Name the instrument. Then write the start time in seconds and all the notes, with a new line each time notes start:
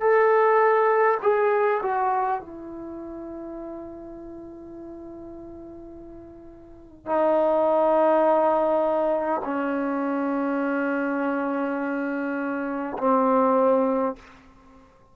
trombone
0.00 A4
1.22 G#4
1.82 F#4
2.41 E4
7.06 D#4
9.44 C#4
12.98 C4